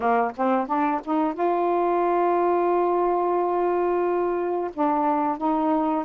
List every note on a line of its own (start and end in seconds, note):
0.00 0.31 A#3
0.36 0.66 C4
0.66 1.00 D4
1.04 1.33 D#4
1.33 4.70 F4
4.73 5.37 D4
5.37 6.05 D#4